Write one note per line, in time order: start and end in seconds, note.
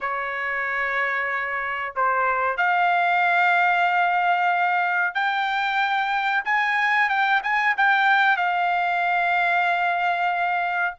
0.01 1.94 C#5
1.95 2.57 C5
2.57 5.14 F5
5.14 6.43 G5
6.45 7.09 G#5
7.09 7.41 G5
7.43 7.75 G#5
7.77 8.37 G5
8.37 10.95 F5